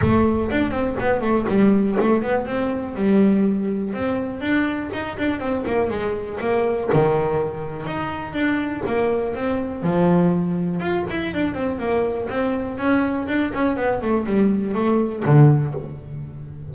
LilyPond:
\new Staff \with { instrumentName = "double bass" } { \time 4/4 \tempo 4 = 122 a4 d'8 c'8 b8 a8 g4 | a8 b8 c'4 g2 | c'4 d'4 dis'8 d'8 c'8 ais8 | gis4 ais4 dis2 |
dis'4 d'4 ais4 c'4 | f2 f'8 e'8 d'8 c'8 | ais4 c'4 cis'4 d'8 cis'8 | b8 a8 g4 a4 d4 | }